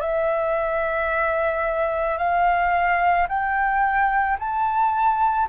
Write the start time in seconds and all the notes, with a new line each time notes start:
0.00 E5
2.18 F5
3.28 G5
4.39 A5